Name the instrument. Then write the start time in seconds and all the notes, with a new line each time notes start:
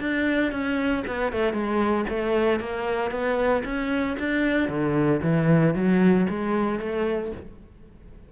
cello
0.00 D4
0.52 C#4
1.07 B3
1.32 A3
1.53 G#3
2.09 A3
2.60 A#3
3.11 B3
3.65 C#4
4.19 D4
4.69 D3
5.23 E3
5.75 F#3
6.29 G#3
6.80 A3